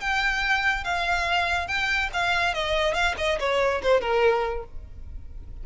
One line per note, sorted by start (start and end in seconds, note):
0.00 0.84 G5
0.84 1.67 F5
1.67 2.10 G5
2.13 2.54 F5
2.54 2.93 D#5
2.93 3.15 F5
3.17 3.39 D#5
3.39 3.81 C#5
3.82 4.00 C5
4.00 4.64 A#4